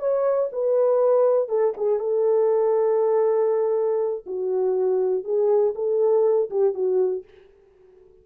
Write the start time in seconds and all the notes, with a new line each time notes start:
0.00 C#5
0.53 B4
1.49 A4
1.77 G#4
2.00 A4
4.27 F#4
5.25 G#4
5.75 A4
6.51 G4
6.75 F#4